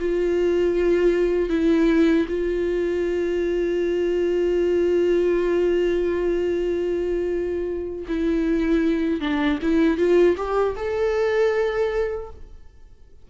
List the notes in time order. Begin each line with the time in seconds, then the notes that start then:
0.00 F4
1.50 E4
2.29 F4
8.08 E4
9.21 D4
9.62 E4
9.98 F4
10.37 G4
10.76 A4